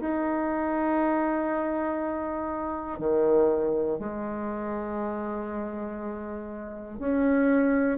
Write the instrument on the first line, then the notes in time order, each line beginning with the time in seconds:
bassoon
0.00 D#4
2.99 D#3
3.99 G#3
6.99 C#4